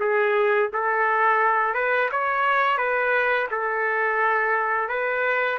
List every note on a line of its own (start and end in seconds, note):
0.00 0.70 G#4
0.72 1.74 A4
1.74 2.09 B4
2.11 2.77 C#5
2.77 3.47 B4
3.50 4.88 A4
4.88 5.58 B4